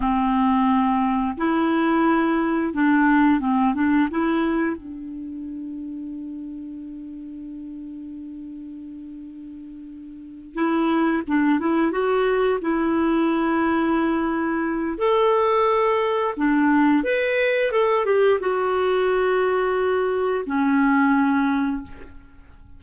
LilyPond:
\new Staff \with { instrumentName = "clarinet" } { \time 4/4 \tempo 4 = 88 c'2 e'2 | d'4 c'8 d'8 e'4 d'4~ | d'1~ | d'2.~ d'8 e'8~ |
e'8 d'8 e'8 fis'4 e'4.~ | e'2 a'2 | d'4 b'4 a'8 g'8 fis'4~ | fis'2 cis'2 | }